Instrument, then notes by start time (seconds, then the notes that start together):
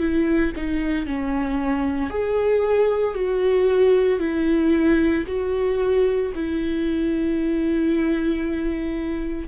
viola
0.00 E4
0.56 D#4
1.07 C#4
2.11 G#4
3.15 F#4
4.20 E4
5.27 F#4
6.35 E4